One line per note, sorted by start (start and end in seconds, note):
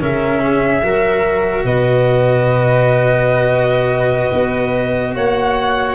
0.00 0.83 C#3
0.00 0.82 C#4
0.00 0.41 A#4
0.00 1.65 E5
0.42 0.83 G#4
0.83 1.64 F#3
0.83 5.95 F#4
0.83 1.65 A#4
1.64 4.31 B2
1.64 5.14 B4
1.64 5.15 D#5
4.33 5.16 B3
5.14 5.95 A#3
5.14 5.95 C#5
5.14 5.95 F#5